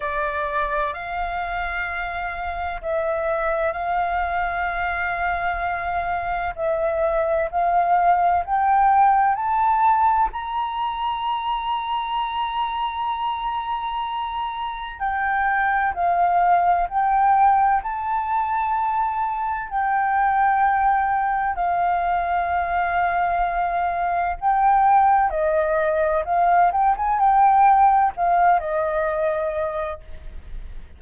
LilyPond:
\new Staff \with { instrumentName = "flute" } { \time 4/4 \tempo 4 = 64 d''4 f''2 e''4 | f''2. e''4 | f''4 g''4 a''4 ais''4~ | ais''1 |
g''4 f''4 g''4 a''4~ | a''4 g''2 f''4~ | f''2 g''4 dis''4 | f''8 g''16 gis''16 g''4 f''8 dis''4. | }